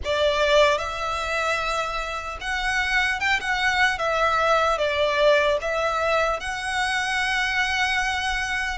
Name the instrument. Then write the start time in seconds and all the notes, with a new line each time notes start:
violin
0.04 D5
0.77 E5
2.40 F#5
3.20 G5
3.40 F#5
3.98 E5
4.78 D5
5.61 E5
6.40 F#5